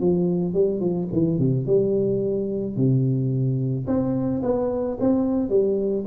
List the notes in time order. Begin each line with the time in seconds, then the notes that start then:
0.00 F3
0.54 G3
0.80 F3
1.13 E3
1.39 C3
1.66 G3
2.76 C3
3.87 C4
4.42 B3
5.00 C4
5.49 G3